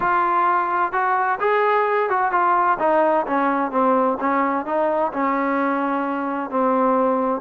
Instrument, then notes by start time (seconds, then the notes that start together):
trombone
0.00 F4
0.92 F#4
1.40 G#4
2.09 F#4
2.31 F4
2.79 D#4
3.26 C#4
3.71 C4
4.20 C#4
4.65 D#4
5.12 C#4
6.49 C4